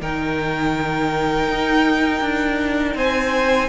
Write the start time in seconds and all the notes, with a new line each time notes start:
0.00 D#3 D#4 A#4 G5
1.48 D#4
2.21 D4
2.95 C4 C5 G#5